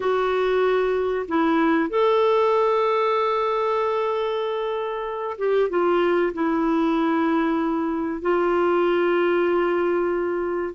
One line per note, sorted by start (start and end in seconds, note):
0.00 1.26 F#4
1.28 1.89 E4
1.89 5.37 A4
5.38 5.69 G4
5.69 6.32 F4
6.33 8.21 E4
8.21 10.74 F4